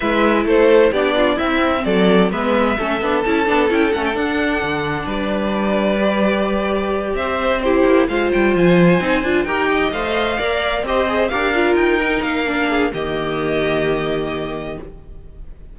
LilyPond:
<<
  \new Staff \with { instrumentName = "violin" } { \time 4/4 \tempo 4 = 130 e''4 c''4 d''4 e''4 | d''4 e''2 a''4 | g''8 fis''16 g''16 fis''2 d''4~ | d''2.~ d''8 e''8~ |
e''8 c''4 f''8 g''8 gis''4.~ | gis''8 g''4 f''2 dis''8~ | dis''8 f''4 g''4 f''4. | dis''1 | }
  \new Staff \with { instrumentName = "violin" } { \time 4/4 b'4 a'4 g'8 f'8 e'4 | a'4 b'4 a'2~ | a'2. b'4~ | b'2.~ b'8 c''8~ |
c''8 g'4 c''2~ c''8~ | c''8 ais'8 dis''4. d''4 c''8~ | c''8 ais'2. gis'8 | g'1 | }
  \new Staff \with { instrumentName = "viola" } { \time 4/4 e'2 d'4 c'4~ | c'4 b4 cis'8 d'8 e'8 d'8 | e'8 cis'8 d'2.~ | d'4 g'2.~ |
g'8 e'4 f'2 dis'8 | f'8 g'4 c''4 ais'4 g'8 | gis'8 g'8 f'4 dis'4 d'4 | ais1 | }
  \new Staff \with { instrumentName = "cello" } { \time 4/4 gis4 a4 b4 c'4 | fis4 gis4 a8 b8 cis'8 b8 | cis'8 a8 d'4 d4 g4~ | g2.~ g8 c'8~ |
c'4 ais8 gis8 g8 f4 c'8 | d'8 dis'4 a4 ais4 c'8~ | c'8 d'4 dis'4 ais4. | dis1 | }
>>